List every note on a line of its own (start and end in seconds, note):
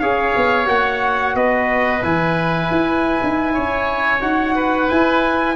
0.00 0.34 C#4
0.00 0.66 G#4
0.00 1.36 C#5
0.00 0.67 F5
0.36 0.67 B3
0.66 1.35 A#3
0.66 2.00 F#4
0.66 1.36 F#5
1.35 2.02 B3
1.35 3.54 B4
1.35 2.04 D#5
2.03 2.70 E3
2.03 4.21 E4
2.03 4.23 G#5
2.71 3.21 E4
3.24 3.58 D#4
3.54 4.22 C#4
3.54 4.55 C#5
4.21 4.89 D#4
4.21 4.88 F#4
4.21 4.90 F#5
4.55 5.56 B4
4.89 5.56 E4
4.89 5.56 G#5